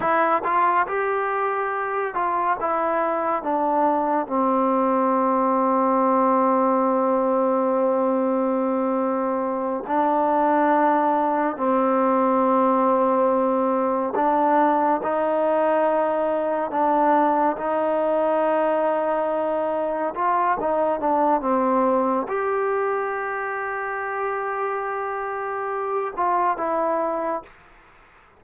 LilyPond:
\new Staff \with { instrumentName = "trombone" } { \time 4/4 \tempo 4 = 70 e'8 f'8 g'4. f'8 e'4 | d'4 c'2.~ | c'2.~ c'8 d'8~ | d'4. c'2~ c'8~ |
c'8 d'4 dis'2 d'8~ | d'8 dis'2. f'8 | dis'8 d'8 c'4 g'2~ | g'2~ g'8 f'8 e'4 | }